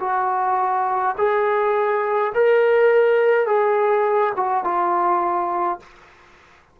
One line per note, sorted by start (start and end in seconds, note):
0.00 1.15 F#4
1.17 2.32 G#4
2.34 3.46 A#4
3.46 4.33 G#4
4.36 4.64 F#4
4.64 5.79 F4